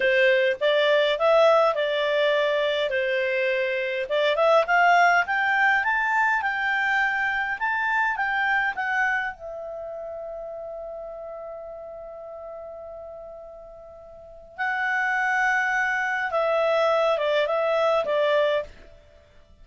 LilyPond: \new Staff \with { instrumentName = "clarinet" } { \time 4/4 \tempo 4 = 103 c''4 d''4 e''4 d''4~ | d''4 c''2 d''8 e''8 | f''4 g''4 a''4 g''4~ | g''4 a''4 g''4 fis''4 |
e''1~ | e''1~ | e''4 fis''2. | e''4. d''8 e''4 d''4 | }